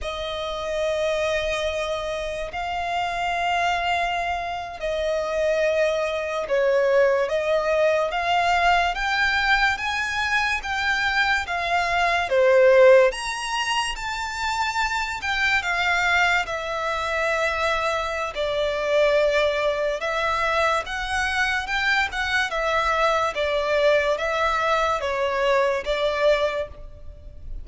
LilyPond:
\new Staff \with { instrumentName = "violin" } { \time 4/4 \tempo 4 = 72 dis''2. f''4~ | f''4.~ f''16 dis''2 cis''16~ | cis''8. dis''4 f''4 g''4 gis''16~ | gis''8. g''4 f''4 c''4 ais''16~ |
ais''8. a''4. g''8 f''4 e''16~ | e''2 d''2 | e''4 fis''4 g''8 fis''8 e''4 | d''4 e''4 cis''4 d''4 | }